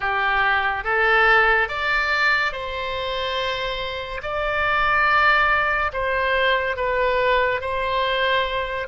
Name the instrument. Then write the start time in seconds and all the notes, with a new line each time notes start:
oboe
0.00 G4
0.83 A4
1.68 D5
2.52 C5
4.22 D5
5.92 C5
6.76 B4
7.60 C5